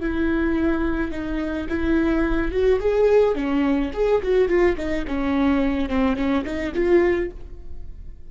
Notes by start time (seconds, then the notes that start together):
0.00 E4
1.11 D#4
1.69 E4
2.51 F#4
2.80 G#4
3.35 C#4
3.93 G#4
4.22 F#4
4.48 F4
4.77 D#4
5.07 C#4
5.89 C4
6.16 C#4
6.44 D#4
6.74 F4